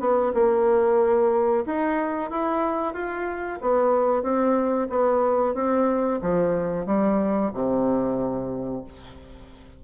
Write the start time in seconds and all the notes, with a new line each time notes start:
0.00 B3
0.34 A#3
1.66 D#4
2.31 E4
2.94 F4
3.61 B3
4.23 C4
4.89 B3
5.55 C4
6.22 F3
6.86 G3
7.54 C3